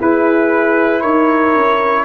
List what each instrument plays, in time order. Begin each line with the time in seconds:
0.00 trombone E4, tuba E4, horn G#4, trumpet B4
1.01 tuba D#4, horn A#4, trumpet C#5
1.55 tuba C#4